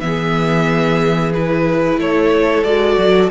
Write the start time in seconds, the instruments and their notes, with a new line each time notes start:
0.00 cello E3, viola B3, violin G#4 E5
1.34 viola E4, violin B4
1.97 cello A3, violin A4 C#5
2.64 cello G#3, viola F#4, violin D5
2.98 cello F#3